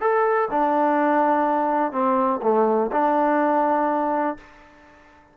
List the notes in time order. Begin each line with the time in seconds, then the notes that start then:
0.00 A4
0.50 D4
1.92 C4
2.42 A3
2.92 D4